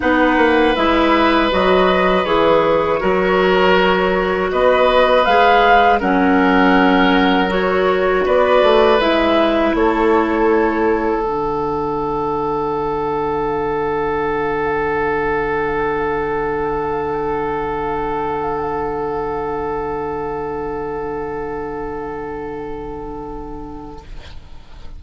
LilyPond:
<<
  \new Staff \with { instrumentName = "flute" } { \time 4/4 \tempo 4 = 80 fis''4 e''4 dis''4 cis''4~ | cis''2 dis''4 f''4 | fis''2 cis''4 d''4 | e''4 cis''2 fis''4~ |
fis''1~ | fis''1~ | fis''1~ | fis''1 | }
  \new Staff \with { instrumentName = "oboe" } { \time 4/4 b'1 | ais'2 b'2 | ais'2. b'4~ | b'4 a'2.~ |
a'1~ | a'1~ | a'1~ | a'1 | }
  \new Staff \with { instrumentName = "clarinet" } { \time 4/4 dis'4 e'4 fis'4 gis'4 | fis'2. gis'4 | cis'2 fis'2 | e'2. d'4~ |
d'1~ | d'1~ | d'1~ | d'1 | }
  \new Staff \with { instrumentName = "bassoon" } { \time 4/4 b8 ais8 gis4 fis4 e4 | fis2 b4 gis4 | fis2. b8 a8 | gis4 a2 d4~ |
d1~ | d1~ | d1~ | d1 | }
>>